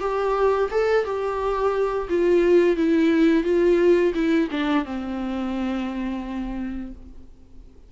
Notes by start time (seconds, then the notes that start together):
0.00 G4
0.71 A4
1.05 G4
2.09 F4
2.76 E4
3.44 F4
4.14 E4
4.50 D4
4.85 C4